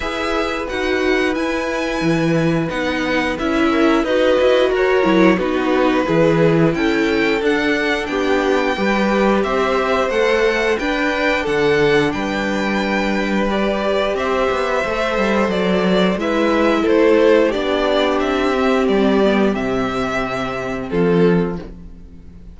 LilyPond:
<<
  \new Staff \with { instrumentName = "violin" } { \time 4/4 \tempo 4 = 89 e''4 fis''4 gis''2 | fis''4 e''4 dis''4 cis''4 | b'2 g''4 fis''4 | g''2 e''4 fis''4 |
g''4 fis''4 g''2 | d''4 e''2 d''4 | e''4 c''4 d''4 e''4 | d''4 e''2 a'4 | }
  \new Staff \with { instrumentName = "violin" } { \time 4/4 b'1~ | b'4. ais'8 b'4 ais'4 | fis'4 gis'4 a'2 | g'4 b'4 c''2 |
b'4 a'4 b'2~ | b'4 c''2. | b'4 a'4 g'2~ | g'2. f'4 | }
  \new Staff \with { instrumentName = "viola" } { \time 4/4 gis'4 fis'4 e'2 | dis'4 e'4 fis'4. e'8 | dis'4 e'2 d'4~ | d'4 g'2 a'4 |
d'1 | g'2 a'2 | e'2 d'4. c'8~ | c'8 b8 c'2. | }
  \new Staff \with { instrumentName = "cello" } { \time 4/4 e'4 dis'4 e'4 e4 | b4 cis'4 dis'8 e'8 fis'8 fis8 | b4 e4 cis'4 d'4 | b4 g4 c'4 a4 |
d'4 d4 g2~ | g4 c'8 b8 a8 g8 fis4 | gis4 a4 b4 c'4 | g4 c2 f4 | }
>>